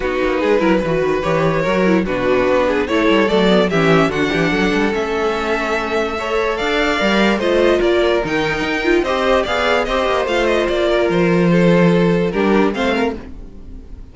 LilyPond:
<<
  \new Staff \with { instrumentName = "violin" } { \time 4/4 \tempo 4 = 146 b'2. cis''4~ | cis''4 b'2 cis''4 | d''4 e''4 fis''2 | e''1 |
f''2 dis''4 d''4 | g''2 dis''4 f''4 | dis''4 f''8 dis''8 d''4 c''4~ | c''2 ais'4 f''4 | }
  \new Staff \with { instrumentName = "violin" } { \time 4/4 fis'4 gis'8 ais'8 b'2 | ais'4 fis'4. gis'8 a'4~ | a'4 g'4 fis'8 g'8 a'4~ | a'2. cis''4 |
d''2 c''4 ais'4~ | ais'2 c''4 d''4 | c''2~ c''8 ais'4. | a'2 g'4 c''8 ais'8 | }
  \new Staff \with { instrumentName = "viola" } { \time 4/4 dis'4. e'8 fis'4 g'4 | fis'8 e'8 d'2 e'4 | a8 b8 cis'4 d'2 | cis'2. a'4~ |
a'4 ais'4 f'2 | dis'4. f'8 g'4 gis'4 | g'4 f'2.~ | f'2 d'4 c'4 | }
  \new Staff \with { instrumentName = "cello" } { \time 4/4 b8 ais8 gis8 fis8 e8 dis8 e4 | fis4 b,4 b4 a8 g8 | fis4 e4 d8 e8 fis8 g8 | a1 |
d'4 g4 a4 ais4 | dis4 dis'4 c'4 b4 | c'8 ais8 a4 ais4 f4~ | f2 g4 a4 | }
>>